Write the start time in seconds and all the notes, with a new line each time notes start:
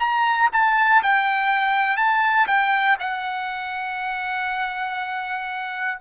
0.00 A#5
0.52 A5
1.03 G5
1.97 A5
2.47 G5
3.00 F#5